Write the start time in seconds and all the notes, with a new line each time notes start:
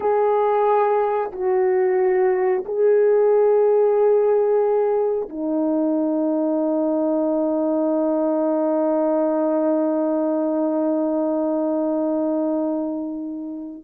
0.00 G#4
1.32 F#4
2.65 G#4
5.29 D#4